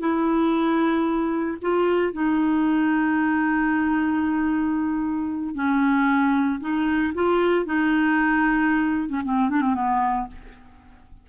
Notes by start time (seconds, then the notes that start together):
0.00 E4
1.61 F4
2.13 D#4
5.55 C#4
6.60 D#4
7.14 F4
7.66 D#4
9.09 C#4
9.25 C4
9.50 D4
9.61 C4
9.74 B3